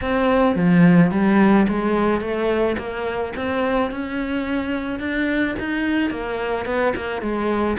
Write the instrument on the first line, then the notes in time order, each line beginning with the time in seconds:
cello
0.01 C4
0.55 F3
1.11 G3
1.68 G#3
2.20 A3
2.78 A#3
3.35 C4
3.90 C#4
4.99 D4
5.59 D#4
6.10 A#3
6.65 B3
6.95 A#3
7.21 G#3